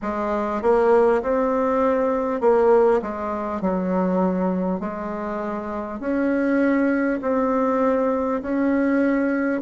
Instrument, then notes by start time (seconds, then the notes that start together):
bassoon
0.02 G#3
0.62 A#3
1.22 C4
2.40 A#3
3.02 G#3
3.61 F#3
4.80 G#3
6.00 C#4
7.21 C4
8.42 C#4